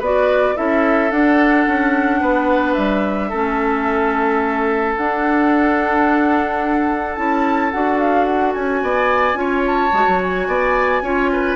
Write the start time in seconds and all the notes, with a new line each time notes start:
0.00 B3 F#4 B4 D5
0.55 C#4 E4 A4 E5
1.11 D4 F#5
1.68 C#4
2.21 B3 B4
2.74 G3 E5
3.29 A3 C#4 A4
4.97 D4 F#5
7.16 C#4 E4 A5
7.71 D4 F#4 F#5
7.99 F5
8.25 F#5
8.53 C#4 G#5
8.83 B3 D5
9.34 C#4 F4 C#5
9.67 A5
9.93 G#3 F#4
10.07 F#3
10.22 G#5
10.47 B3 D5
11.02 C#4 F4 C#5
11.33 B4